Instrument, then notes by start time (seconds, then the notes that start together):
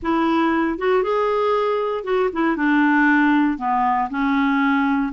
clarinet
0.02 E4
0.78 F#4
1.03 G#4
2.03 F#4
2.32 E4
2.56 D4
3.58 B3
4.10 C#4